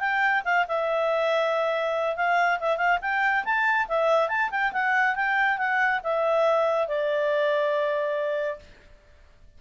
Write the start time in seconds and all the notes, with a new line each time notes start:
0.00 G5
0.45 F5
0.68 E5
2.16 F5
2.60 E5
2.77 F5
3.02 G5
3.45 A5
3.88 E5
4.29 A5
4.51 G5
4.73 F#5
5.16 G5
5.58 F#5
6.04 E5
6.88 D5